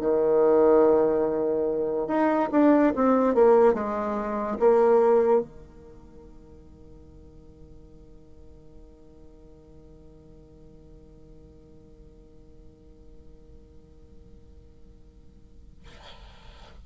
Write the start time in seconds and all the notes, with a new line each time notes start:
0.00 D#3
2.08 D#4
2.52 D4
2.95 C4
3.34 A#3
3.74 G#3
4.59 A#3
5.41 D#3